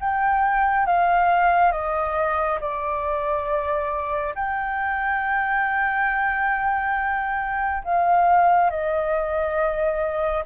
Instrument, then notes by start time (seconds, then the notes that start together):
flute
0.00 G5
0.87 F5
1.72 D#5
2.60 D5
4.35 G5
7.84 F5
8.70 D#5